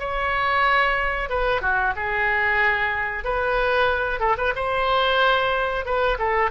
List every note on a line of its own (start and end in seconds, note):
0.00 1.30 C#5
1.30 1.62 B4
1.62 1.94 F#4
1.97 3.25 G#4
3.25 4.20 B4
4.20 4.37 A4
4.38 4.54 B4
4.56 5.86 C5
5.86 6.18 B4
6.19 6.51 A4